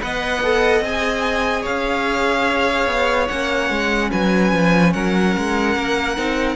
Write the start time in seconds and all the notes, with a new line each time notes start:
0.00 B3 B4 D#5 F#5
0.43 A4
0.80 C4 G#4 G#5
1.61 C#4 C#5 F5
2.86 B3
3.28 A#3 C#4 F#5
3.70 G#3
4.11 F#3 B4 G#5
4.52 F3
4.93 F#3 A#4 F#5
5.37 G#3
5.76 A#3
6.16 C4 D#4